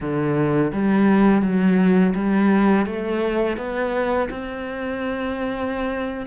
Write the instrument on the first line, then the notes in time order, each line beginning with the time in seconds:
cello
0.00 D3
0.72 G3
1.42 F#3
2.14 G3
2.86 A3
3.57 B3
4.30 C4